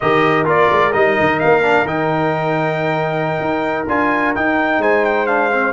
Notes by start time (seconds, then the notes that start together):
0.00 D#3 G4 A#4 D#5
0.44 A#3 F4 D5
0.71 G#3
0.92 G3 D#4 D#5
1.20 D#3
1.39 A#3 F5
1.62 D4
1.85 D#3 D#4 G5
3.40 D#4
3.88 D4 F4 G#5
4.35 D#4 G5
4.78 G#3 C5 G#5
5.04 G5
5.26 D4 F5
5.52 C4